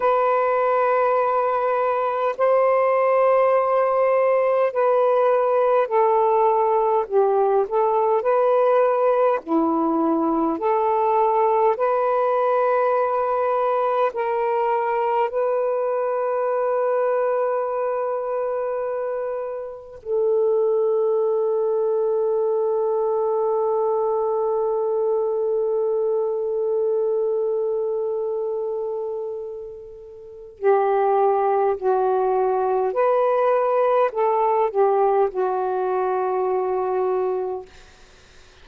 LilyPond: \new Staff \with { instrumentName = "saxophone" } { \time 4/4 \tempo 4 = 51 b'2 c''2 | b'4 a'4 g'8 a'8 b'4 | e'4 a'4 b'2 | ais'4 b'2.~ |
b'4 a'2.~ | a'1~ | a'2 g'4 fis'4 | b'4 a'8 g'8 fis'2 | }